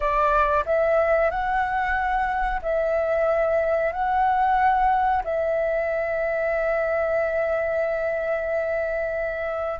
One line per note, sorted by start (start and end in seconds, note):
0.00 0.64 D5
0.65 1.30 E5
1.30 2.61 F#5
2.62 3.92 E5
3.92 5.22 F#5
5.24 9.80 E5